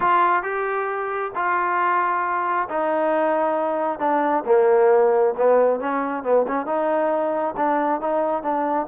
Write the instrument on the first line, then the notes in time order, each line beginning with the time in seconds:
trombone
0.00 F4
0.42 G4
1.35 F4
2.69 D#4
3.99 D4
4.45 A#3
5.37 B3
5.80 C#4
6.23 B3
6.47 C#4
6.65 D#4
7.56 D4
8.00 D#4
8.42 D4